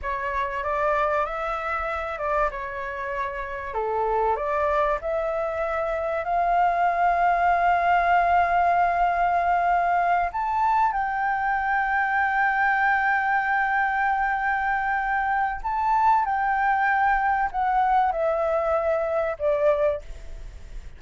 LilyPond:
\new Staff \with { instrumentName = "flute" } { \time 4/4 \tempo 4 = 96 cis''4 d''4 e''4. d''8 | cis''2 a'4 d''4 | e''2 f''2~ | f''1~ |
f''8 a''4 g''2~ g''8~ | g''1~ | g''4 a''4 g''2 | fis''4 e''2 d''4 | }